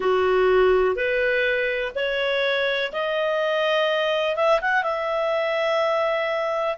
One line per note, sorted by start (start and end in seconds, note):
0.00 0.95 F#4
0.95 1.92 B4
1.95 2.92 C#5
2.92 4.35 D#5
4.35 4.60 E5
4.61 4.83 F#5
4.83 6.77 E5